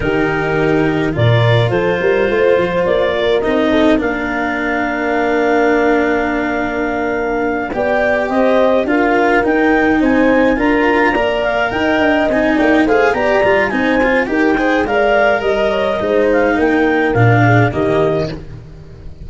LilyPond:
<<
  \new Staff \with { instrumentName = "clarinet" } { \time 4/4 \tempo 4 = 105 ais'2 d''4 c''4~ | c''4 d''4 dis''4 f''4~ | f''1~ | f''4. g''4 dis''4 f''8~ |
f''8 g''4 gis''4 ais''4. | f''8 g''4 gis''8 g''8 f''8 ais''4 | gis''4 g''4 f''4 dis''4~ | dis''8 f''8 g''4 f''4 dis''4 | }
  \new Staff \with { instrumentName = "horn" } { \time 4/4 g'2 ais'4 a'8 ais'8 | c''4. ais'4 a'8 ais'4~ | ais'1~ | ais'4. d''4 c''4 ais'8~ |
ais'4. c''4 ais'4 d''8~ | d''8 dis''4. d''8 c''8 d''4 | c''4 ais'8 c''8 d''4 dis''8 cis''8 | c''4 ais'4. gis'8 g'4 | }
  \new Staff \with { instrumentName = "cello" } { \time 4/4 dis'2 f'2~ | f'2 dis'4 d'4~ | d'1~ | d'4. g'2 f'8~ |
f'8 dis'2 f'4 ais'8~ | ais'4. dis'4 gis'8 g'8 f'8 | dis'8 f'8 g'8 gis'8 ais'2 | dis'2 d'4 ais4 | }
  \new Staff \with { instrumentName = "tuba" } { \time 4/4 dis2 ais,4 f8 g8 | a8 f8 ais4 c'4 ais4~ | ais1~ | ais4. b4 c'4 d'8~ |
d'8 dis'4 c'4 d'4 ais8~ | ais8 dis'8 d'8 c'8 ais8 a8 b8 g8 | c'4 dis'4 gis4 g4 | gis4 ais4 ais,4 dis4 | }
>>